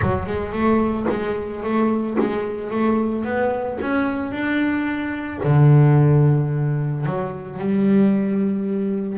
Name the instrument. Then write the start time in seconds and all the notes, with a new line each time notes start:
double bass
0.01 F#3
0.26 G#3
0.52 A3
1.09 G#3
1.63 A3
2.19 G#3
2.70 A3
3.24 B3
3.81 C#4
4.31 D4
5.43 D3
7.05 F#3
7.58 G3